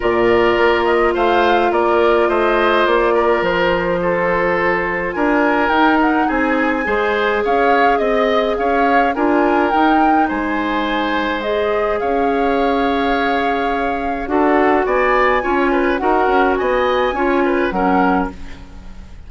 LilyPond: <<
  \new Staff \with { instrumentName = "flute" } { \time 4/4 \tempo 4 = 105 d''4. dis''8 f''4 d''4 | dis''4 d''4 c''2~ | c''4 gis''4 g''8 fis''8 gis''4~ | gis''4 f''4 dis''4 f''4 |
gis''4 g''4 gis''2 | dis''4 f''2.~ | f''4 fis''4 gis''2 | fis''4 gis''2 fis''4 | }
  \new Staff \with { instrumentName = "oboe" } { \time 4/4 ais'2 c''4 ais'4 | c''4. ais'4. a'4~ | a'4 ais'2 gis'4 | c''4 cis''4 dis''4 cis''4 |
ais'2 c''2~ | c''4 cis''2.~ | cis''4 a'4 d''4 cis''8 b'8 | ais'4 dis''4 cis''8 b'8 ais'4 | }
  \new Staff \with { instrumentName = "clarinet" } { \time 4/4 f'1~ | f'1~ | f'2 dis'2 | gis'1 |
f'4 dis'2. | gis'1~ | gis'4 fis'2 f'4 | fis'2 f'4 cis'4 | }
  \new Staff \with { instrumentName = "bassoon" } { \time 4/4 ais,4 ais4 a4 ais4 | a4 ais4 f2~ | f4 d'4 dis'4 c'4 | gis4 cis'4 c'4 cis'4 |
d'4 dis'4 gis2~ | gis4 cis'2.~ | cis'4 d'4 b4 cis'4 | dis'8 cis'8 b4 cis'4 fis4 | }
>>